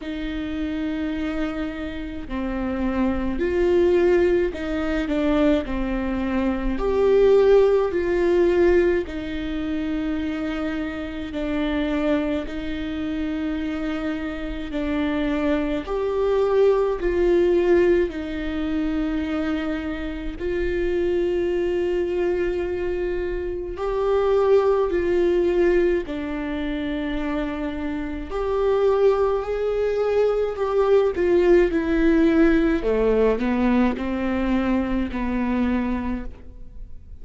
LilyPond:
\new Staff \with { instrumentName = "viola" } { \time 4/4 \tempo 4 = 53 dis'2 c'4 f'4 | dis'8 d'8 c'4 g'4 f'4 | dis'2 d'4 dis'4~ | dis'4 d'4 g'4 f'4 |
dis'2 f'2~ | f'4 g'4 f'4 d'4~ | d'4 g'4 gis'4 g'8 f'8 | e'4 a8 b8 c'4 b4 | }